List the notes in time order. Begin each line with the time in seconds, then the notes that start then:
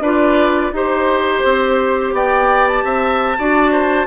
0.00 D4 F4 B4 D5
0.72 D#4 G4 C5
1.44 C4
2.12 B3 D5 G5
2.68 A5
2.84 C4 E5
3.38 D4 F#4 D5
3.71 C5